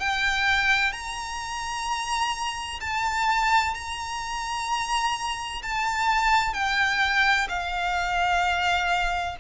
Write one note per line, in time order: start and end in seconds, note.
0.00 0.92 G5
0.92 2.80 A#5
2.81 3.75 A5
3.75 5.62 A#5
5.63 6.54 A5
6.54 7.48 G5
7.49 9.37 F5